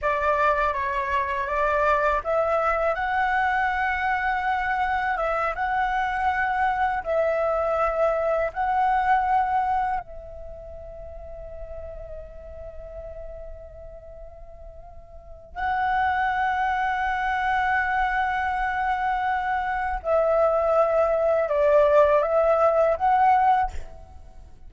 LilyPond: \new Staff \with { instrumentName = "flute" } { \time 4/4 \tempo 4 = 81 d''4 cis''4 d''4 e''4 | fis''2. e''8 fis''8~ | fis''4. e''2 fis''8~ | fis''4. e''2~ e''8~ |
e''1~ | e''4 fis''2.~ | fis''2. e''4~ | e''4 d''4 e''4 fis''4 | }